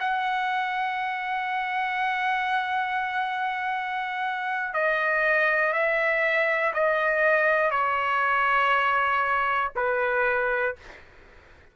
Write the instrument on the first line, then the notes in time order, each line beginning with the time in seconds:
trumpet
0.00 F#5
4.74 D#5
5.73 E5
6.74 D#5
7.71 C#5
9.76 B4